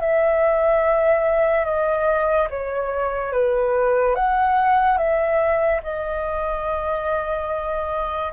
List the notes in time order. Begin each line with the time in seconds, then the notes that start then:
0.00 E5
1.65 D#5
2.50 C#5
3.33 B4
4.15 F#5
4.97 E5
5.83 D#5